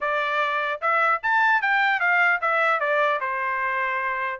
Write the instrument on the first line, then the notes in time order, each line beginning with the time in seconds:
trumpet
0.01 D5
0.81 E5
1.22 A5
1.61 G5
2.00 F5
2.41 E5
2.80 D5
3.20 C5